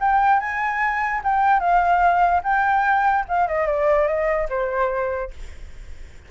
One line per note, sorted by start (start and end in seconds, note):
0.00 0.40 G5
0.40 1.21 G#5
1.24 1.60 G5
1.60 2.41 F5
2.44 3.25 G5
3.28 3.47 F5
3.47 3.67 D#5
3.67 4.07 D5
4.07 4.48 D#5
4.50 5.31 C5